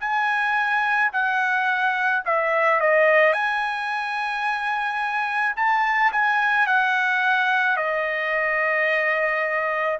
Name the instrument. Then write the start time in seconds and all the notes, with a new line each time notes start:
trumpet
0.00 G#5
1.12 F#5
2.25 E5
2.80 D#5
3.33 G#5
5.56 A5
6.12 G#5
6.67 F#5
7.76 D#5